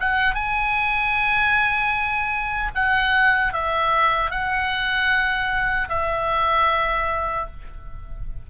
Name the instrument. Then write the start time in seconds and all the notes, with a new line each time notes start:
oboe
0.00 F#5
0.35 G#5
2.75 F#5
3.53 E5
4.31 F#5
5.89 E5